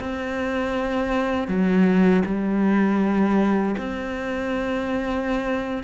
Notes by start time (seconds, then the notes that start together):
0.00 C4
1.48 F#3
2.26 G3
3.78 C4